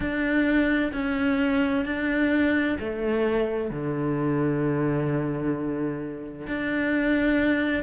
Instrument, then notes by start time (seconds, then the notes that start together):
cello
0.00 D4
0.92 C#4
1.85 D4
2.79 A3
3.70 D3
6.47 D4